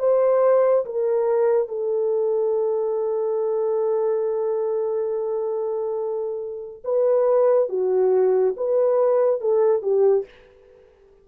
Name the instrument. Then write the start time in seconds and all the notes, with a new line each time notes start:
horn
0.00 C5
0.86 A#4
1.69 A4
6.85 B4
7.69 F#4
8.57 B4
9.41 A4
9.83 G4